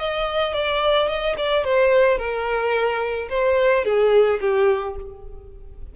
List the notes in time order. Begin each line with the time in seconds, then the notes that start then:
0.00 D#5
0.54 D5
1.08 D#5
1.38 D5
1.65 C5
2.18 A#4
3.30 C5
3.85 G#4
4.41 G4